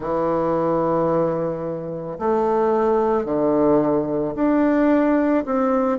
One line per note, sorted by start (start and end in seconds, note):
0.00 2.18 E3
2.18 3.25 A3
3.25 4.34 D3
4.35 5.44 D4
5.45 5.98 C4